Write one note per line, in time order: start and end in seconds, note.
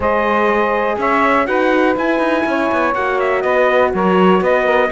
0.00 0.95 G#3
0.00 1.45 G#4
0.00 0.98 C5
0.00 0.99 D#5
0.98 1.47 C#4
0.98 1.47 C#5
0.98 1.46 E5
1.45 1.96 D#4
1.45 1.95 F#4
1.45 2.45 B4
1.45 1.95 F#5
1.95 2.94 E4
1.95 2.19 E4
1.95 2.94 G#5
2.19 2.43 D#4
2.46 2.70 C#4
2.46 3.43 C#5
2.71 2.94 B3
2.94 3.44 A#3
2.94 4.91 F#4
2.94 3.19 F#5
3.19 3.42 E5
3.42 3.93 B3
3.42 3.92 B4
3.42 3.91 D#5
3.93 4.40 F#3
3.93 4.41 A#4
3.93 4.43 C#5
4.40 4.89 B3
4.40 4.64 B4
4.40 4.91 D#5
4.64 4.89 A#4